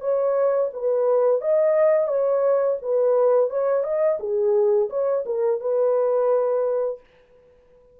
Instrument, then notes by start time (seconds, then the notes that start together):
horn
0.00 C#5
0.73 B4
1.41 D#5
2.07 C#5
2.82 B4
3.50 C#5
3.83 D#5
4.19 G#4
4.89 C#5
5.25 A#4
5.60 B4